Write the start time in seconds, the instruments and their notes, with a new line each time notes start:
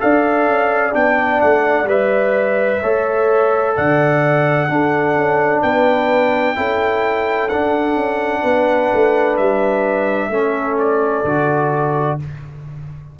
0.00 tuba D4, trombone A4, horn D5, trumpet F5
0.47 tuba C#4
0.93 tuba B3, trombone D4, trumpet G5
1.42 tuba A3, trumpet F#5
1.84 tuba G3, trombone B4, trumpet E5
2.82 tuba A3, trombone A4, horn C#5
3.76 tuba D3, horn D5, trumpet F#5
4.70 tuba D4, trombone D4, horn A4
5.16 tuba C#4
5.63 tuba B3, horn B4, trumpet G5
6.56 tuba C#4, trombone E4, horn A4
7.49 tuba D4, trombone D4, trumpet F#5
7.96 tuba C#4
8.42 tuba B3, horn B4
8.94 tuba A3
9.37 tuba G3, trumpet E5
10.30 tuba A3, trombone C#4, horn A4
10.79 trumpet D5
11.24 tuba D3, trombone F#4